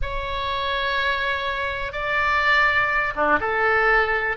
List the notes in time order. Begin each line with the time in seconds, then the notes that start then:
0.01 C#5
1.92 D5
3.15 D4
3.40 A4